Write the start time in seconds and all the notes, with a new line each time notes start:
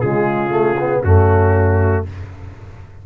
0.00 C#3 G#3 F4 G#4
0.49 A3
0.79 B3
1.01 F#2 A3 C#4 F#4